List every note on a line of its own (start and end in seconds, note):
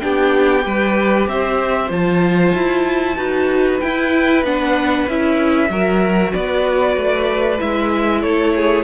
0.00 0.65 B3
0.00 0.62 D4
0.00 0.65 G4
0.00 1.26 G5
0.62 1.27 G3
0.62 1.88 G4
0.62 1.28 B4
1.27 1.90 C4
1.27 3.16 C5
1.27 1.91 E5
1.89 2.53 F3
1.89 3.15 F4
1.89 3.80 A5
2.54 3.17 E4
3.16 3.80 D#4
3.16 3.79 F#4
3.16 5.69 B4
3.80 4.45 E4
3.80 4.43 E4
3.80 4.43 G5
4.43 5.06 B3
4.43 5.08 D4
4.43 5.09 F#5
5.08 5.70 C#4
5.08 5.68 E4
5.08 6.34 E5
5.68 6.33 F#3
5.68 7.58 F#4
5.68 6.32 A#4
6.32 6.97 B3
6.32 8.22 B4
6.32 7.60 D5
6.97 7.60 A3
7.58 8.23 G#3
7.58 8.83 E4
7.58 8.22 E5
8.22 8.83 A3
8.22 8.54 A4
8.22 8.83 C#5
8.55 8.83 G#4